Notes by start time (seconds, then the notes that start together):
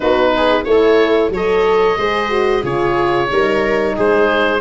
0.00 B3 D#4 F#4 B4
0.36 G#4
0.64 A3 E4 C#5
0.70 A4
1.29 F#3 A4 C#5
1.36 D#5
1.97 G#3 G#4 C5
2.29 F#4
2.62 C#3 F4 G#4 C#5
3.28 G3 D#4 A#4
3.95 G#3 G#4 C5